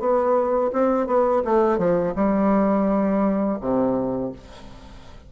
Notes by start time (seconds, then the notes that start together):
0.00 B3
0.73 C4
1.07 B3
1.45 A3
1.78 F3
2.16 G3
3.61 C3